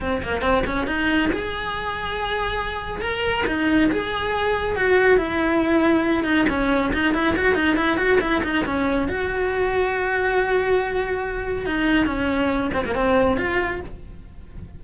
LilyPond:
\new Staff \with { instrumentName = "cello" } { \time 4/4 \tempo 4 = 139 c'8 ais8 c'8 cis'8 dis'4 gis'4~ | gis'2. ais'4 | dis'4 gis'2 fis'4 | e'2~ e'8 dis'8 cis'4 |
dis'8 e'8 fis'8 dis'8 e'8 fis'8 e'8 dis'8 | cis'4 fis'2.~ | fis'2. dis'4 | cis'4. c'16 ais16 c'4 f'4 | }